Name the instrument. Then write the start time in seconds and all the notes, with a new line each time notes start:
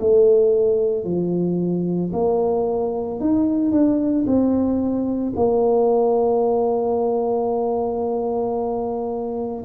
tuba
0.00 A3
1.05 F3
2.13 A#3
3.20 D#4
3.72 D4
4.26 C4
5.36 A#3